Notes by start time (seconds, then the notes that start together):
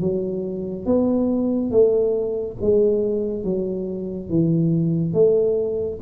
0.00 F#3
0.86 B3
1.71 A3
2.61 G#3
3.44 F#3
4.29 E3
5.14 A3